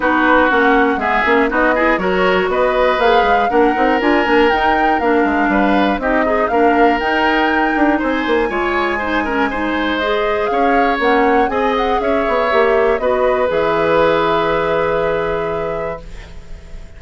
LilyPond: <<
  \new Staff \with { instrumentName = "flute" } { \time 4/4 \tempo 4 = 120 b'4 fis''4 e''4 dis''4 | cis''4 dis''4 f''4 fis''4 | gis''4 g''4 f''2 | dis''4 f''4 g''2 |
gis''1 | dis''4 f''4 fis''4 gis''8 fis''8 | e''2 dis''4 e''4~ | e''1 | }
  \new Staff \with { instrumentName = "oboe" } { \time 4/4 fis'2 gis'4 fis'8 gis'8 | ais'4 b'2 ais'4~ | ais'2. b'4 | g'8 dis'8 ais'2. |
c''4 cis''4 c''8 ais'8 c''4~ | c''4 cis''2 dis''4 | cis''2 b'2~ | b'1 | }
  \new Staff \with { instrumentName = "clarinet" } { \time 4/4 dis'4 cis'4 b8 cis'8 dis'8 e'8 | fis'2 gis'4 d'8 dis'8 | f'8 d'8 dis'4 d'2 | dis'8 gis'8 d'4 dis'2~ |
dis'4 f'4 dis'8 cis'8 dis'4 | gis'2 cis'4 gis'4~ | gis'4 g'4 fis'4 gis'4~ | gis'1 | }
  \new Staff \with { instrumentName = "bassoon" } { \time 4/4 b4 ais4 gis8 ais8 b4 | fis4 b4 ais8 gis8 ais8 c'8 | d'8 ais8 dis'4 ais8 gis8 g4 | c'4 ais4 dis'4. d'8 |
c'8 ais8 gis2.~ | gis4 cis'4 ais4 c'4 | cis'8 b8 ais4 b4 e4~ | e1 | }
>>